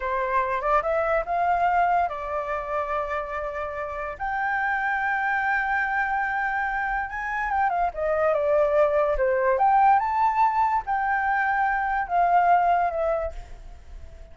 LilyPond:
\new Staff \with { instrumentName = "flute" } { \time 4/4 \tempo 4 = 144 c''4. d''8 e''4 f''4~ | f''4 d''2.~ | d''2 g''2~ | g''1~ |
g''4 gis''4 g''8 f''8 dis''4 | d''2 c''4 g''4 | a''2 g''2~ | g''4 f''2 e''4 | }